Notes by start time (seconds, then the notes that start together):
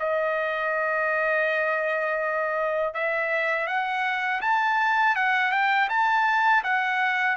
0.00 D#5
2.94 E5
3.67 F#5
4.42 A5
5.16 F#5
5.52 G5
5.90 A5
6.64 F#5